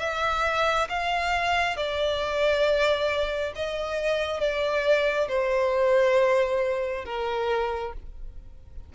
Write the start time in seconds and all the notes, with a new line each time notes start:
0.00 E5
0.89 F5
1.77 D5
3.56 D#5
4.40 D5
5.29 C5
7.05 A#4